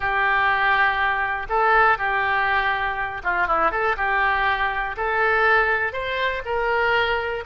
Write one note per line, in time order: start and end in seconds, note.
0.00 1.46 G4
1.49 1.98 A4
1.98 3.22 G4
3.23 3.47 F4
3.47 3.71 E4
3.71 3.96 A4
3.96 4.96 G4
4.97 5.92 A4
5.92 6.42 C5
6.45 7.44 A#4